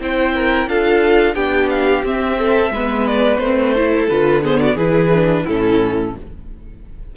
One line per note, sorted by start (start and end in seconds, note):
0.00 0.67 C4
0.00 0.69 E4
0.00 0.35 C5
0.00 0.69 G5
0.35 0.69 A#4
0.67 1.35 D4
0.67 1.35 F4
0.67 1.35 A4
0.67 1.35 F5
1.35 2.03 B3
1.35 2.04 D4
1.35 2.37 G4
1.35 1.69 G5
1.69 2.04 F5
2.04 2.70 C4
2.04 2.73 C4
2.04 3.07 E5
2.38 2.72 A4
2.70 3.38 G#3
2.70 3.44 B3
2.70 3.75 B4
3.07 3.38 D5
3.38 4.07 A3
3.38 3.76 C4
3.38 4.06 C5
3.75 4.10 E4
3.75 4.42 A4
4.09 4.76 D3
4.09 4.44 F4
4.09 4.43 B4
4.42 4.77 B3
4.42 4.60 G#4
4.42 4.60 C5
4.60 4.75 F#4
4.60 4.77 D5
4.75 5.44 E3
4.75 5.11 E4
4.75 5.43 G#4
4.75 5.47 B4
5.14 5.48 D4
5.43 6.16 A2
5.43 6.16 C#4
5.43 6.11 E4
5.43 6.16 A4